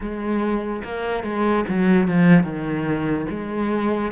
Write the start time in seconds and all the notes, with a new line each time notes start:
0.00 G#3
0.84 A#3
1.23 G#3
1.68 F#3
2.07 F3
2.43 D#3
3.30 G#3